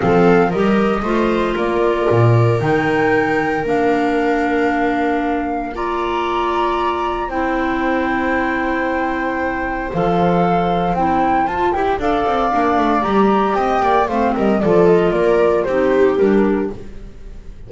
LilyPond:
<<
  \new Staff \with { instrumentName = "flute" } { \time 4/4 \tempo 4 = 115 f''4 dis''2 d''4~ | d''4 g''2 f''4~ | f''2. ais''4~ | ais''2 g''2~ |
g''2. f''4~ | f''4 g''4 a''8 g''8 f''4~ | f''4 ais''4 g''4 f''8 dis''8 | d''8 dis''8 d''4 c''4 ais'4 | }
  \new Staff \with { instrumentName = "viola" } { \time 4/4 a'4 ais'4 c''4 ais'4~ | ais'1~ | ais'2. d''4~ | d''2 c''2~ |
c''1~ | c''2. d''4~ | d''2 dis''8 d''8 c''8 ais'8 | a'4 ais'4 g'2 | }
  \new Staff \with { instrumentName = "clarinet" } { \time 4/4 c'4 g'4 f'2~ | f'4 dis'2 d'4~ | d'2. f'4~ | f'2 e'2~ |
e'2. a'4~ | a'4 e'4 f'8 g'8 a'4 | d'4 g'2 c'4 | f'2 dis'4 d'4 | }
  \new Staff \with { instrumentName = "double bass" } { \time 4/4 f4 g4 a4 ais4 | ais,4 dis2 ais4~ | ais1~ | ais2 c'2~ |
c'2. f4~ | f4 c'4 f'8 e'8 d'8 c'8 | ais8 a8 g4 c'8 ais8 a8 g8 | f4 ais4 c'4 g4 | }
>>